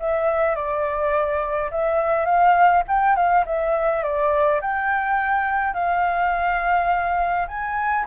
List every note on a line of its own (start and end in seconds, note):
0.00 0.56 E5
0.56 1.71 D5
1.71 2.26 E5
2.26 2.83 F5
2.88 3.16 G5
3.16 3.45 F5
3.46 4.03 E5
4.03 4.61 D5
4.61 5.74 G5
5.74 7.47 F5
7.48 8.06 G#5